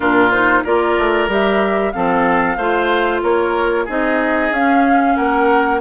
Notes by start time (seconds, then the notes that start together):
0.00 A#2 D4 F4 A#4
0.31 D#4 C5
0.63 A#3 F4 A#4 D5
0.98 A3
1.28 G3 G4 E5
1.92 F3 C4 A4 F5
2.57 A3 F4 C5
3.22 A#3 A#4 C#5
3.84 C4 D#4 G#4 D#5
4.50 C#4 F5
5.15 A#3 A#4 F#5